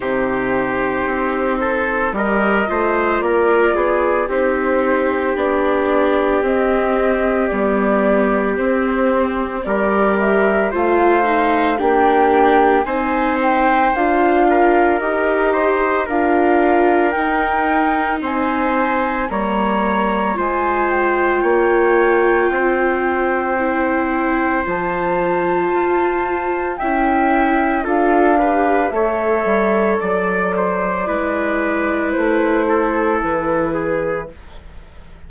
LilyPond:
<<
  \new Staff \with { instrumentName = "flute" } { \time 4/4 \tempo 4 = 56 c''2 dis''4 d''4 | c''4 d''4 dis''4 d''4 | c''4 d''8 e''8 f''4 g''4 | gis''8 g''8 f''4 dis''4 f''4 |
g''4 gis''4 ais''4 gis''8 g''8~ | g''2. a''4~ | a''4 g''4 f''4 e''4 | d''2 c''4 b'4 | }
  \new Staff \with { instrumentName = "trumpet" } { \time 4/4 g'4. a'8 ais'8 c''8 ais'8 gis'8 | g'1~ | g'4 ais'4 c''4 g'4 | c''4. ais'4 c''8 ais'4~ |
ais'4 c''4 cis''4 c''4 | cis''4 c''2.~ | c''4 e''4 a'8 b'8 cis''4 | d''8 c''8 b'4. a'4 gis'8 | }
  \new Staff \with { instrumentName = "viola" } { \time 4/4 dis'2 g'8 f'4. | dis'4 d'4 c'4 b4 | c'4 g'4 f'8 dis'8 d'4 | dis'4 f'4 g'4 f'4 |
dis'2 ais4 f'4~ | f'2 e'4 f'4~ | f'4 e'4 f'8 g'8 a'4~ | a'4 e'2. | }
  \new Staff \with { instrumentName = "bassoon" } { \time 4/4 c4 c'4 g8 a8 ais8 b8 | c'4 b4 c'4 g4 | c'4 g4 a4 ais4 | c'4 d'4 dis'4 d'4 |
dis'4 c'4 g4 gis4 | ais4 c'2 f4 | f'4 cis'4 d'4 a8 g8 | fis4 gis4 a4 e4 | }
>>